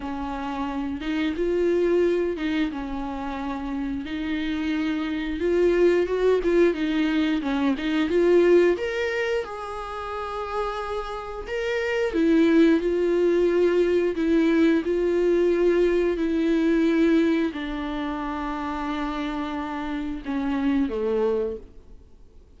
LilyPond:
\new Staff \with { instrumentName = "viola" } { \time 4/4 \tempo 4 = 89 cis'4. dis'8 f'4. dis'8 | cis'2 dis'2 | f'4 fis'8 f'8 dis'4 cis'8 dis'8 | f'4 ais'4 gis'2~ |
gis'4 ais'4 e'4 f'4~ | f'4 e'4 f'2 | e'2 d'2~ | d'2 cis'4 a4 | }